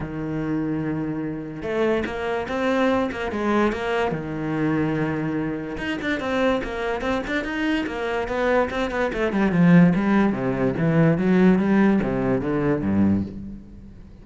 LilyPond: \new Staff \with { instrumentName = "cello" } { \time 4/4 \tempo 4 = 145 dis1 | a4 ais4 c'4. ais8 | gis4 ais4 dis2~ | dis2 dis'8 d'8 c'4 |
ais4 c'8 d'8 dis'4 ais4 | b4 c'8 b8 a8 g8 f4 | g4 c4 e4 fis4 | g4 c4 d4 g,4 | }